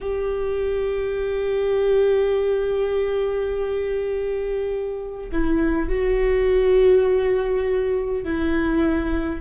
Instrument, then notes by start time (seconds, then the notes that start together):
viola
0.00 G4
5.32 E4
5.88 F#4
8.24 E4